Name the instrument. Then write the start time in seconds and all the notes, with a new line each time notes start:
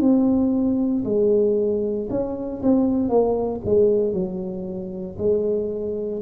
tuba
0.00 C4
1.05 G#3
2.10 C#4
2.63 C4
3.09 A#3
3.65 G#3
4.13 F#3
5.19 G#3